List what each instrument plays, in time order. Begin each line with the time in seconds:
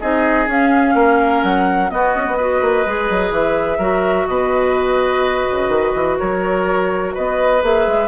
0.00 bassoon C4, clarinet D#4, oboe G#4, flute D#5
0.47 bassoon C#4, clarinet C#4, flute F5
0.94 bassoon A#3, oboe A#4
1.43 bassoon F#3, flute F#5
1.89 clarinet B3, bassoon B3, oboe F#4, flute D#5
2.15 bassoon C#4
2.27 bassoon B3
2.37 clarinet F#4, oboe B4
2.61 bassoon A#3
2.86 bassoon G#3, clarinet G#4
3.09 bassoon F#3
3.30 bassoon E3, flute E5
3.78 bassoon F#3, clarinet F#4, oboe A#4
4.27 bassoon B2, oboe B4, flute D#5
5.51 bassoon C#3
5.68 bassoon D#3
5.94 bassoon E3
6.18 bassoon F#3, oboe A#4, flute C#5
7.14 bassoon B3, oboe B4, flute D#5
7.61 bassoon A#3, clarinet G#4, flute E5
7.87 bassoon G#3